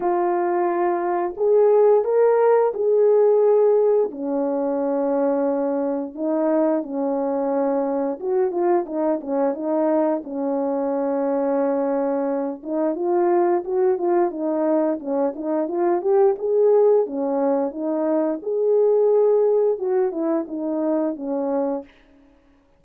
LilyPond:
\new Staff \with { instrumentName = "horn" } { \time 4/4 \tempo 4 = 88 f'2 gis'4 ais'4 | gis'2 cis'2~ | cis'4 dis'4 cis'2 | fis'8 f'8 dis'8 cis'8 dis'4 cis'4~ |
cis'2~ cis'8 dis'8 f'4 | fis'8 f'8 dis'4 cis'8 dis'8 f'8 g'8 | gis'4 cis'4 dis'4 gis'4~ | gis'4 fis'8 e'8 dis'4 cis'4 | }